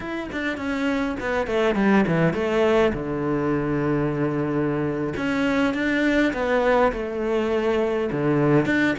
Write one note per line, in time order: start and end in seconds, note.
0.00 0.29 E4
0.32 0.57 D4
0.57 1.16 C#4
1.20 1.47 B3
1.47 1.75 A3
1.75 2.04 G3
2.07 2.33 E3
2.33 2.92 A3
2.93 5.13 D3
5.16 5.74 C#4
5.74 6.33 D4
6.33 6.91 B3
6.92 8.10 A3
8.11 8.65 D3
8.65 8.95 D4